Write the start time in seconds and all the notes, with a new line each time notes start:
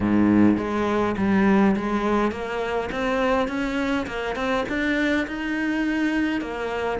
0.00 G#2
0.57 G#3
1.17 G3
1.76 G#3
2.31 A#3
2.91 C4
3.48 C#4
4.06 A#3
4.35 C4
4.68 D4
5.27 D#4
6.41 A#3